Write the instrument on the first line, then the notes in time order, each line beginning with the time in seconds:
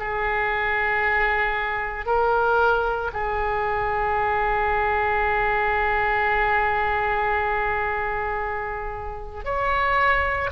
oboe
0.00 G#4
2.06 A#4
3.13 G#4
9.45 C#5